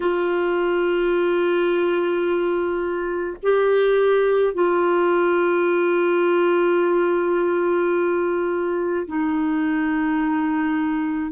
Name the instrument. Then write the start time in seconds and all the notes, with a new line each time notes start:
clarinet
0.00 F4
3.42 G4
4.53 F4
9.07 D#4